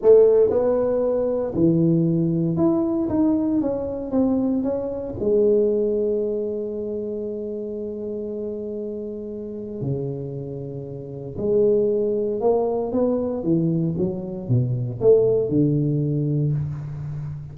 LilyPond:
\new Staff \with { instrumentName = "tuba" } { \time 4/4 \tempo 4 = 116 a4 b2 e4~ | e4 e'4 dis'4 cis'4 | c'4 cis'4 gis2~ | gis1~ |
gis2. cis4~ | cis2 gis2 | ais4 b4 e4 fis4 | b,4 a4 d2 | }